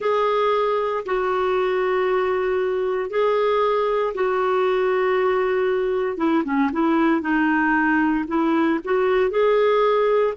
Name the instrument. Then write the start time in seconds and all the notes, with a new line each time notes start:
clarinet
0.00 G#4
1.05 F#4
3.10 G#4
4.14 F#4
6.17 E4
6.44 C#4
6.72 E4
7.21 D#4
8.28 E4
8.84 F#4
9.30 G#4